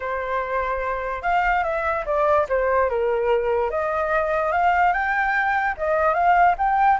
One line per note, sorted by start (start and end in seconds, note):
0.00 1.22 C5
1.22 1.63 F5
1.63 2.05 E5
2.05 2.46 D5
2.48 2.89 C5
2.89 3.70 A#4
3.70 4.51 D#5
4.51 4.92 F5
4.92 5.75 G5
5.77 6.13 D#5
6.13 6.55 F5
6.58 6.99 G5